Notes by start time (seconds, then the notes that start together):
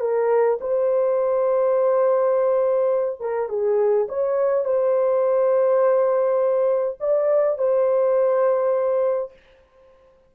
0.00 A#4
0.61 C5
3.20 A#4
3.49 G#4
4.09 C#5
4.65 C5
7.00 D5
7.58 C5